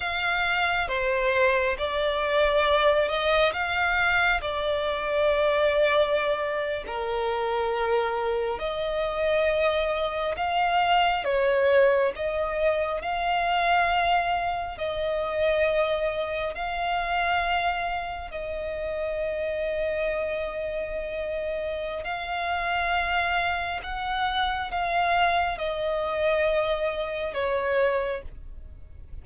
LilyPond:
\new Staff \with { instrumentName = "violin" } { \time 4/4 \tempo 4 = 68 f''4 c''4 d''4. dis''8 | f''4 d''2~ d''8. ais'16~ | ais'4.~ ais'16 dis''2 f''16~ | f''8. cis''4 dis''4 f''4~ f''16~ |
f''8. dis''2 f''4~ f''16~ | f''8. dis''2.~ dis''16~ | dis''4 f''2 fis''4 | f''4 dis''2 cis''4 | }